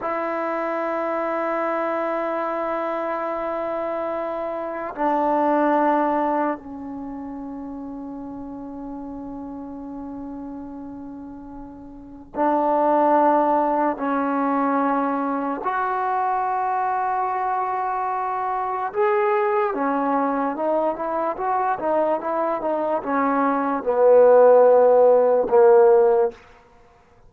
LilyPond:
\new Staff \with { instrumentName = "trombone" } { \time 4/4 \tempo 4 = 73 e'1~ | e'2 d'2 | cis'1~ | cis'2. d'4~ |
d'4 cis'2 fis'4~ | fis'2. gis'4 | cis'4 dis'8 e'8 fis'8 dis'8 e'8 dis'8 | cis'4 b2 ais4 | }